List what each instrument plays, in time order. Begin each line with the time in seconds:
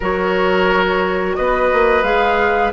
0.00 bassoon F#3, clarinet F#4, oboe A#4, flute C#5
1.35 bassoon B3, oboe B4, flute D#5
1.72 bassoon A#3
2.03 bassoon G#3, clarinet G#4, flute F5